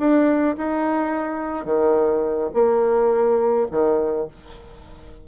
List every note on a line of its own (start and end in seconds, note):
0.00 0.57 D4
0.58 1.66 D#4
1.66 2.51 D#3
2.54 3.67 A#3
3.71 4.28 D#3